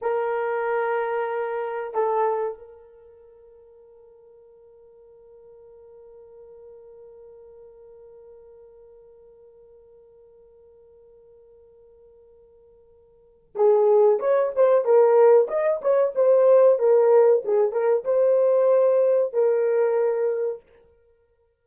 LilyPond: \new Staff \with { instrumentName = "horn" } { \time 4/4 \tempo 4 = 93 ais'2. a'4 | ais'1~ | ais'1~ | ais'1~ |
ais'1~ | ais'4 gis'4 cis''8 c''8 ais'4 | dis''8 cis''8 c''4 ais'4 gis'8 ais'8 | c''2 ais'2 | }